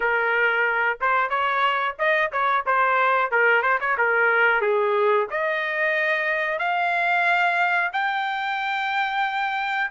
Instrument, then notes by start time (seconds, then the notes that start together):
trumpet
0.00 A#4
1.00 C5
1.29 C#5
1.98 D#5
2.32 C#5
2.66 C5
3.31 A#4
3.62 C5
3.80 C#5
3.97 A#4
4.61 G#4
5.30 D#5
6.58 F5
7.92 G5